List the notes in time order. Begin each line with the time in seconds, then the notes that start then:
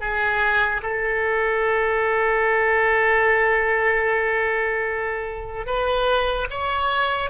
0.00 G#4
0.83 A4
5.66 B4
6.50 C#5